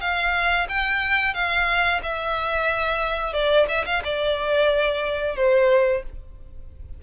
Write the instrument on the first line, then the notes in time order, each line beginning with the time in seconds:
violin
0.00 F5
0.68 G5
1.34 F5
2.03 E5
3.33 D5
3.68 E5
3.85 F5
4.04 D5
5.36 C5